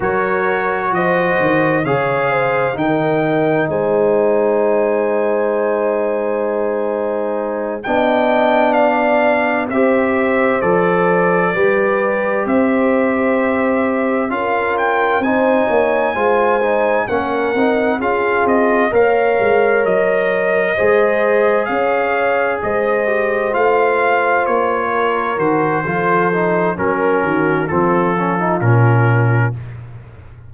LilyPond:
<<
  \new Staff \with { instrumentName = "trumpet" } { \time 4/4 \tempo 4 = 65 cis''4 dis''4 f''4 g''4 | gis''1~ | gis''8 g''4 f''4 e''4 d''8~ | d''4. e''2 f''8 |
g''8 gis''2 fis''4 f''8 | dis''8 f''4 dis''2 f''8~ | f''8 dis''4 f''4 cis''4 c''8~ | c''4 ais'4 a'4 ais'4 | }
  \new Staff \with { instrumentName = "horn" } { \time 4/4 ais'4 c''4 cis''8 c''8 ais'4 | c''1~ | c''8 dis''4 d''4 c''4.~ | c''8 b'4 c''2 ais'8~ |
ais'8 c''8 cis''8 c''4 ais'4 gis'8~ | gis'8 cis''2 c''4 cis''8~ | cis''8 c''2~ c''8 ais'4 | a'4 ais'8 fis'8 f'2 | }
  \new Staff \with { instrumentName = "trombone" } { \time 4/4 fis'2 gis'4 dis'4~ | dis'1~ | dis'8 d'2 g'4 a'8~ | a'8 g'2. f'8~ |
f'8 dis'4 f'8 dis'8 cis'8 dis'8 f'8~ | f'8 ais'2 gis'4.~ | gis'4 g'8 f'2 fis'8 | f'8 dis'8 cis'4 c'8 cis'16 dis'16 cis'4 | }
  \new Staff \with { instrumentName = "tuba" } { \time 4/4 fis4 f8 dis8 cis4 dis4 | gis1~ | gis8 b2 c'4 f8~ | f8 g4 c'2 cis'8~ |
cis'8 c'8 ais8 gis4 ais8 c'8 cis'8 | c'8 ais8 gis8 fis4 gis4 cis'8~ | cis'8 gis4 a4 ais4 dis8 | f4 fis8 dis8 f4 ais,4 | }
>>